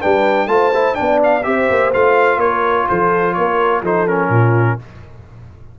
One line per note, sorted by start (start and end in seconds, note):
0.00 0.47 G3
0.00 0.48 D4
0.00 0.48 B4
0.00 0.48 G5
0.47 0.95 A3
0.47 0.72 F4
0.47 0.99 C5
0.47 0.95 A5
0.74 0.95 E4
0.95 1.46 B3
0.95 1.42 D4
0.95 1.46 D5
0.95 1.19 G5
1.24 1.43 F5
1.43 1.70 C4
1.43 1.91 G4
1.43 2.40 C5
1.43 1.91 E5
1.70 1.94 A#3
1.93 2.37 A3
1.93 3.84 F4
1.93 2.40 F5
2.37 2.85 A#3
2.37 2.87 A#4
2.37 2.87 C#5
2.89 3.38 F3
2.89 3.37 A4
2.89 3.34 C5
3.34 3.82 A#3
3.34 3.82 A#4
3.34 3.82 C#5
3.82 4.29 F3
3.82 4.08 D#4
3.82 4.30 A4
3.82 4.08 C5
4.08 4.79 C#4
4.08 4.79 A#4
4.29 4.76 A#2
4.29 4.79 F4